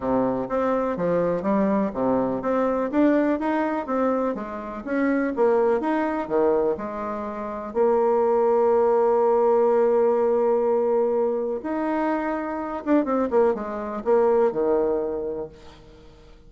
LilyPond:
\new Staff \with { instrumentName = "bassoon" } { \time 4/4 \tempo 4 = 124 c4 c'4 f4 g4 | c4 c'4 d'4 dis'4 | c'4 gis4 cis'4 ais4 | dis'4 dis4 gis2 |
ais1~ | ais1 | dis'2~ dis'8 d'8 c'8 ais8 | gis4 ais4 dis2 | }